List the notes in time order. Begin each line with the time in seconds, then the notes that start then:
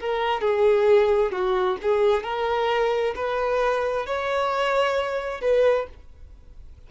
0.00 A#4
0.41 G#4
1.31 F#4
1.82 G#4
2.23 A#4
3.15 B4
4.06 C#5
5.41 B4